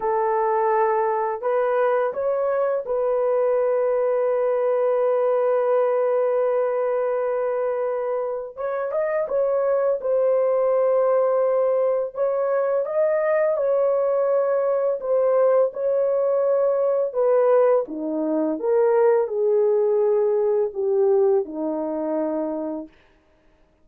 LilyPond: \new Staff \with { instrumentName = "horn" } { \time 4/4 \tempo 4 = 84 a'2 b'4 cis''4 | b'1~ | b'1 | cis''8 dis''8 cis''4 c''2~ |
c''4 cis''4 dis''4 cis''4~ | cis''4 c''4 cis''2 | b'4 dis'4 ais'4 gis'4~ | gis'4 g'4 dis'2 | }